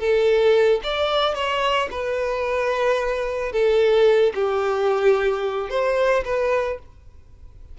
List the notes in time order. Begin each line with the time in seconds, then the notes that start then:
0.00 A4
0.84 D5
1.35 C#5
1.92 B4
3.53 A4
4.35 G4
5.70 C5
6.25 B4